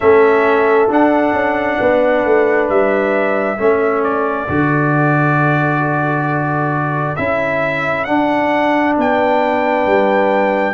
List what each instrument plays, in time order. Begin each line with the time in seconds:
0.00 tuba A3, trombone C#4, horn A4, trumpet E5
0.88 trombone D4, tuba D4, trumpet F#5
1.32 tuba C#4
1.79 tuba B3, horn B4
2.25 tuba A3
2.69 tuba G3, trumpet E5
3.58 tuba A3, trombone C#4, horn A4
4.03 trumpet D5
4.48 tuba D3, trombone F#4
7.16 tuba C#4, trombone E4, trumpet E5
8.04 trombone D4, tuba D4, trumpet F#5
8.96 tuba B3, horn B4, trumpet G5
9.86 tuba G3